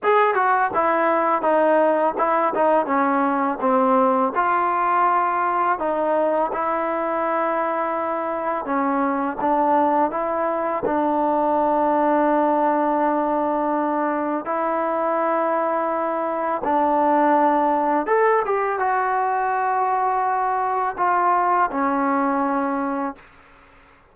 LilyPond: \new Staff \with { instrumentName = "trombone" } { \time 4/4 \tempo 4 = 83 gis'8 fis'8 e'4 dis'4 e'8 dis'8 | cis'4 c'4 f'2 | dis'4 e'2. | cis'4 d'4 e'4 d'4~ |
d'1 | e'2. d'4~ | d'4 a'8 g'8 fis'2~ | fis'4 f'4 cis'2 | }